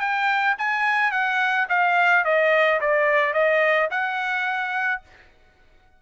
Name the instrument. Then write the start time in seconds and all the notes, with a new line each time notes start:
trumpet
0.00 G5
0.58 G#5
1.12 F#5
1.69 F5
2.25 D#5
2.81 D5
3.34 D#5
3.91 F#5